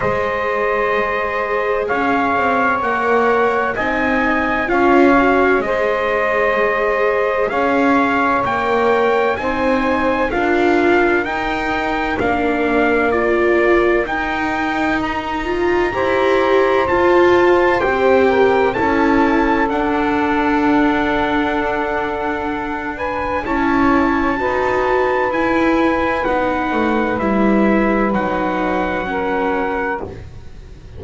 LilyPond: <<
  \new Staff \with { instrumentName = "trumpet" } { \time 4/4 \tempo 4 = 64 dis''2 f''4 fis''4 | gis''4 f''4 dis''2 | f''4 g''4 gis''4 f''4 | g''4 f''4 d''4 g''4 |
ais''2 a''4 g''4 | a''4 fis''2.~ | fis''8 gis''8 a''2 gis''4 | fis''4 e''4 fis''2 | }
  \new Staff \with { instrumentName = "saxophone" } { \time 4/4 c''2 cis''2 | dis''4 cis''4 c''2 | cis''2 c''4 ais'4~ | ais'1~ |
ais'4 c''2~ c''8 ais'8 | a'1~ | a'8 b'8 cis''4 b'2~ | b'2. ais'4 | }
  \new Staff \with { instrumentName = "viola" } { \time 4/4 gis'2. ais'4 | dis'4 f'8 fis'8 gis'2~ | gis'4 ais'4 dis'4 f'4 | dis'4 d'4 f'4 dis'4~ |
dis'8 f'8 g'4 f'4 g'4 | e'4 d'2.~ | d'4 e'4 fis'4 e'4 | dis'4 e'4 dis'4 cis'4 | }
  \new Staff \with { instrumentName = "double bass" } { \time 4/4 gis2 cis'8 c'8 ais4 | c'4 cis'4 gis2 | cis'4 ais4 c'4 d'4 | dis'4 ais2 dis'4~ |
dis'4 e'4 f'4 c'4 | cis'4 d'2.~ | d'4 cis'4 dis'4 e'4 | b8 a8 g4 fis2 | }
>>